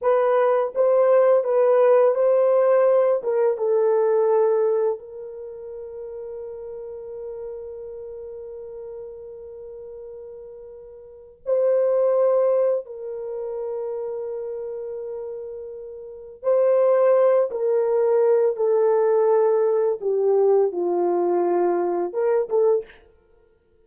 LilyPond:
\new Staff \with { instrumentName = "horn" } { \time 4/4 \tempo 4 = 84 b'4 c''4 b'4 c''4~ | c''8 ais'8 a'2 ais'4~ | ais'1~ | ais'1 |
c''2 ais'2~ | ais'2. c''4~ | c''8 ais'4. a'2 | g'4 f'2 ais'8 a'8 | }